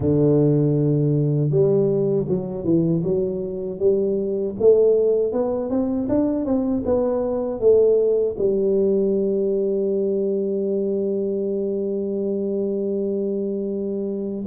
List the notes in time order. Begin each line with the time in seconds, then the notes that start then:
0.00 D3
1.50 G3
2.28 F#3
2.64 E3
3.03 F#3
3.79 G3
4.59 A3
5.32 B3
5.70 C4
6.09 D4
6.45 C4
6.85 B3
7.59 A3
8.38 G3